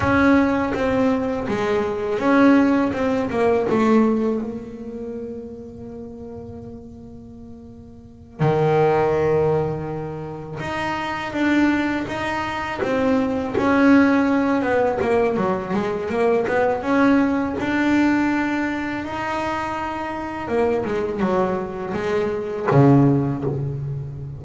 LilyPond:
\new Staff \with { instrumentName = "double bass" } { \time 4/4 \tempo 4 = 82 cis'4 c'4 gis4 cis'4 | c'8 ais8 a4 ais2~ | ais2.~ ais8 dis8~ | dis2~ dis8 dis'4 d'8~ |
d'8 dis'4 c'4 cis'4. | b8 ais8 fis8 gis8 ais8 b8 cis'4 | d'2 dis'2 | ais8 gis8 fis4 gis4 cis4 | }